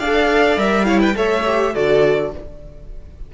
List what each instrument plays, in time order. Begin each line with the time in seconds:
0.00 cello D4, viola A4, violin D5 F5
0.57 cello G3, viola A#4, violin E5
0.85 viola E4, violin C#5 F5
1.01 violin B4 G5
1.15 cello A3, viola A4, violin C#5 E5
1.46 viola G4
1.74 cello D3, viola F#4, violin A4 D5